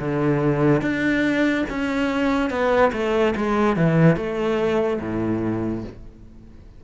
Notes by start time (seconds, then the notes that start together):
0.00 D3
0.82 D4
1.70 C#4
2.50 B3
2.93 A3
3.36 G#3
3.77 E3
4.17 A3
5.01 A2